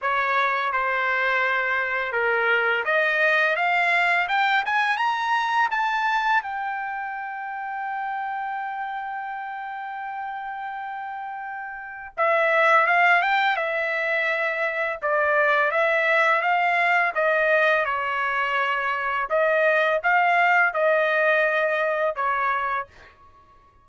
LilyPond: \new Staff \with { instrumentName = "trumpet" } { \time 4/4 \tempo 4 = 84 cis''4 c''2 ais'4 | dis''4 f''4 g''8 gis''8 ais''4 | a''4 g''2.~ | g''1~ |
g''4 e''4 f''8 g''8 e''4~ | e''4 d''4 e''4 f''4 | dis''4 cis''2 dis''4 | f''4 dis''2 cis''4 | }